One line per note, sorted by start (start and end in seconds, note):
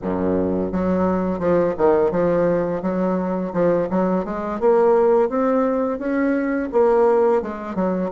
0.02 0.72 F#2
0.72 1.39 F#3
1.39 1.74 F3
1.77 2.11 D#3
2.11 2.81 F3
2.81 3.52 F#3
3.53 3.88 F3
3.90 4.24 F#3
4.24 4.59 G#3
4.59 5.29 A#3
5.29 5.98 C4
5.98 6.69 C#4
6.72 7.41 A#3
7.41 7.75 G#3
7.75 8.10 F#3